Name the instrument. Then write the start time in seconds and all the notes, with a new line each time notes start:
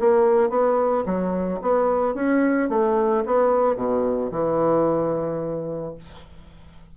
bassoon
0.00 A#3
0.50 B3
1.06 F#3
1.62 B3
2.15 C#4
2.70 A3
3.26 B3
3.77 B2
4.31 E3